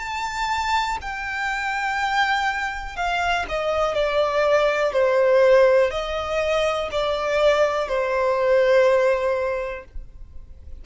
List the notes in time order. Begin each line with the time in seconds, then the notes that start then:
0.00 A5
1.02 G5
2.97 F5
3.49 D#5
3.95 D5
4.93 C5
5.91 D#5
6.92 D5
7.89 C5